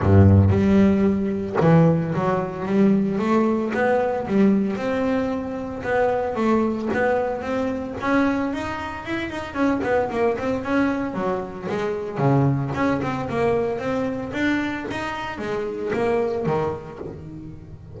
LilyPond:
\new Staff \with { instrumentName = "double bass" } { \time 4/4 \tempo 4 = 113 g,4 g2 e4 | fis4 g4 a4 b4 | g4 c'2 b4 | a4 b4 c'4 cis'4 |
dis'4 e'8 dis'8 cis'8 b8 ais8 c'8 | cis'4 fis4 gis4 cis4 | cis'8 c'8 ais4 c'4 d'4 | dis'4 gis4 ais4 dis4 | }